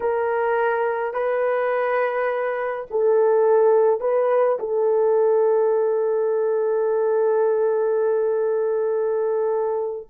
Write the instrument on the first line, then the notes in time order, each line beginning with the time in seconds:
horn
0.00 A#4
1.13 B4
2.90 A4
4.00 B4
4.59 A4